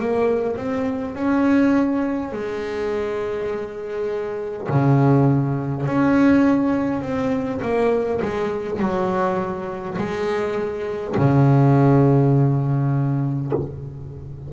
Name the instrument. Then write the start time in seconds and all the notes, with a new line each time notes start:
double bass
0.00 A#3
0.56 C4
1.15 C#4
2.32 G#3
4.68 C#3
5.86 C#4
7.02 C4
7.61 A#3
8.21 G#3
8.80 F#3
9.98 G#3
11.17 C#3